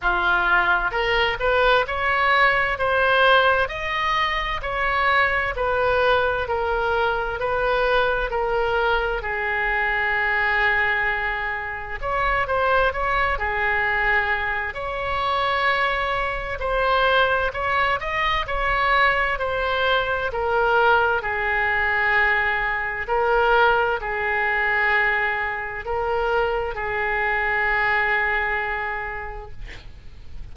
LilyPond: \new Staff \with { instrumentName = "oboe" } { \time 4/4 \tempo 4 = 65 f'4 ais'8 b'8 cis''4 c''4 | dis''4 cis''4 b'4 ais'4 | b'4 ais'4 gis'2~ | gis'4 cis''8 c''8 cis''8 gis'4. |
cis''2 c''4 cis''8 dis''8 | cis''4 c''4 ais'4 gis'4~ | gis'4 ais'4 gis'2 | ais'4 gis'2. | }